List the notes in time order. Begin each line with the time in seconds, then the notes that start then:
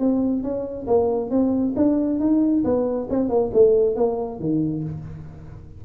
0.00 C4
0.43 C#4
0.88 A#3
1.31 C4
1.77 D4
2.20 D#4
2.65 B3
3.10 C4
3.29 A#3
3.54 A3
3.96 A#3
4.40 D#3